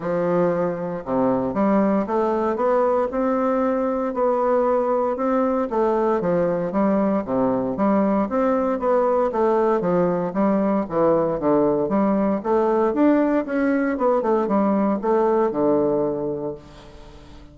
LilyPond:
\new Staff \with { instrumentName = "bassoon" } { \time 4/4 \tempo 4 = 116 f2 c4 g4 | a4 b4 c'2 | b2 c'4 a4 | f4 g4 c4 g4 |
c'4 b4 a4 f4 | g4 e4 d4 g4 | a4 d'4 cis'4 b8 a8 | g4 a4 d2 | }